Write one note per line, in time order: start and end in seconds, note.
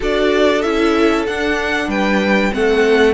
0.00 0.64 D4
0.00 0.61 F#4
0.00 1.88 A4
0.00 0.61 D5
0.61 1.27 C#4
0.61 1.26 E4
0.61 1.24 E5
1.26 2.52 D4
1.26 1.87 D4
1.26 1.89 F#5
1.87 2.50 G3
1.87 2.52 B4
1.87 2.53 G5
2.52 3.13 A3
2.52 3.13 C4
2.52 3.13 A4
2.52 3.13 F#5